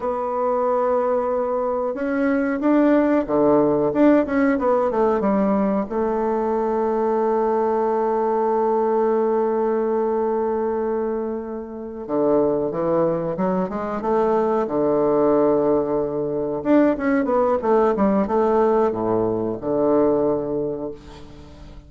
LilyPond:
\new Staff \with { instrumentName = "bassoon" } { \time 4/4 \tempo 4 = 92 b2. cis'4 | d'4 d4 d'8 cis'8 b8 a8 | g4 a2.~ | a1~ |
a2~ a8 d4 e8~ | e8 fis8 gis8 a4 d4.~ | d4. d'8 cis'8 b8 a8 g8 | a4 a,4 d2 | }